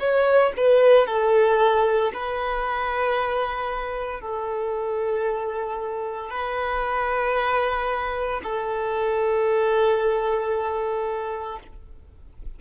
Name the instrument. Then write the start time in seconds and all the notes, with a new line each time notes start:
violin
0.00 C#5
0.57 B4
1.07 A4
2.14 B4
4.21 A4
6.31 B4
8.44 A4